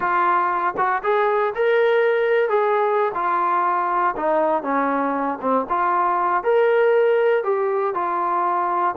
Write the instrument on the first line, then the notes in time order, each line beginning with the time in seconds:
trombone
0.00 F4
0.77 F#4
1.03 G#4
1.55 A#4
2.49 G#4
3.14 F4
4.16 D#4
4.62 C#4
5.41 C4
5.69 F4
6.43 A#4
7.43 G4
7.94 F4